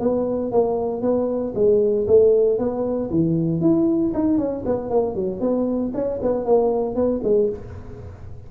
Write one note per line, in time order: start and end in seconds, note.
0.00 0.52 B3
0.52 1.02 A#3
1.02 1.54 B3
1.55 2.07 G#3
2.08 2.59 A3
2.59 3.11 B3
3.11 3.61 E3
3.61 4.13 E4
4.14 4.38 D#4
4.38 4.64 C#4
4.66 4.91 B3
4.91 5.16 A#3
5.16 5.41 F#3
5.41 5.92 B3
5.94 6.20 C#4
6.23 6.45 B3
6.45 6.95 A#3
6.95 7.21 B3
7.24 7.50 G#3